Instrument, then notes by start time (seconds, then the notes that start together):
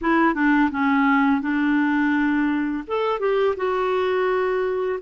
clarinet
0.01 E4
0.34 D4
0.71 C#4
1.41 D4
2.87 A4
3.19 G4
3.56 F#4